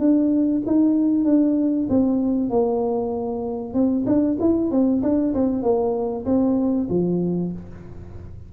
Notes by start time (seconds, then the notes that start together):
0.00 D4
0.67 D#4
1.25 D4
1.90 C4
2.50 A#3
3.74 C4
4.07 D4
4.40 E4
4.71 C4
5.03 D4
5.35 C4
5.63 A#3
6.26 C4
6.90 F3